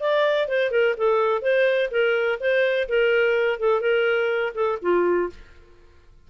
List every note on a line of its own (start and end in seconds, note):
0.00 0.48 D5
0.48 0.71 C5
0.71 0.95 A#4
0.97 1.42 A4
1.42 1.90 C5
1.91 2.39 A#4
2.40 2.88 C5
2.88 3.59 A#4
3.59 3.81 A4
3.81 4.53 A#4
4.54 4.78 A4
4.82 5.30 F4